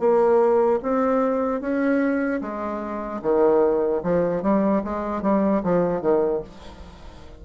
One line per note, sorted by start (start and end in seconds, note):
0.00 0.80 A#3
0.83 1.61 C4
1.61 2.41 C#4
2.41 3.21 G#3
3.22 4.02 D#3
4.03 4.43 F3
4.43 4.83 G3
4.84 5.22 G#3
5.22 5.62 G3
5.63 6.01 F3
6.01 6.41 D#3